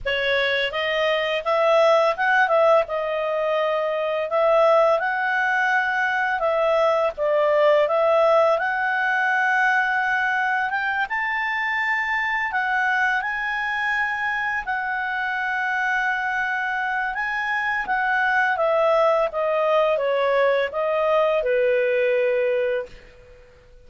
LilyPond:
\new Staff \with { instrumentName = "clarinet" } { \time 4/4 \tempo 4 = 84 cis''4 dis''4 e''4 fis''8 e''8 | dis''2 e''4 fis''4~ | fis''4 e''4 d''4 e''4 | fis''2. g''8 a''8~ |
a''4. fis''4 gis''4.~ | gis''8 fis''2.~ fis''8 | gis''4 fis''4 e''4 dis''4 | cis''4 dis''4 b'2 | }